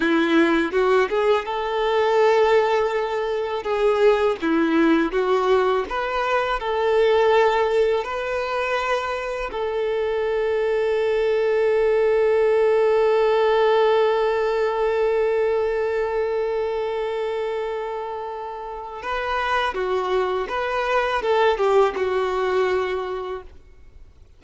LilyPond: \new Staff \with { instrumentName = "violin" } { \time 4/4 \tempo 4 = 82 e'4 fis'8 gis'8 a'2~ | a'4 gis'4 e'4 fis'4 | b'4 a'2 b'4~ | b'4 a'2.~ |
a'1~ | a'1~ | a'2 b'4 fis'4 | b'4 a'8 g'8 fis'2 | }